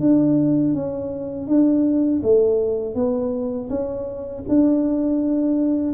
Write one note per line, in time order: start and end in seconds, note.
0.00 0.74 D4
0.74 1.47 C#4
1.47 2.21 D4
2.23 2.95 A3
2.95 3.69 B3
3.70 4.44 C#4
4.49 5.94 D4